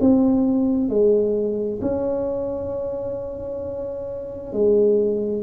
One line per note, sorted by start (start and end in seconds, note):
0.00 0.89 C4
0.89 1.80 G#3
1.81 4.52 C#4
4.52 5.43 G#3